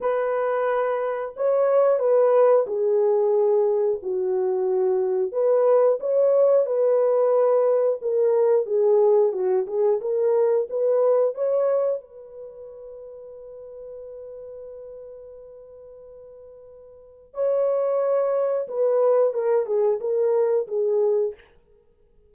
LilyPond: \new Staff \with { instrumentName = "horn" } { \time 4/4 \tempo 4 = 90 b'2 cis''4 b'4 | gis'2 fis'2 | b'4 cis''4 b'2 | ais'4 gis'4 fis'8 gis'8 ais'4 |
b'4 cis''4 b'2~ | b'1~ | b'2 cis''2 | b'4 ais'8 gis'8 ais'4 gis'4 | }